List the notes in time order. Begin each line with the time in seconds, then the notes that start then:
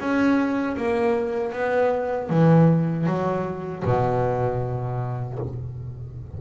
0.00 C#4
0.77 A#3
1.53 B3
2.30 E3
3.07 F#3
3.85 B2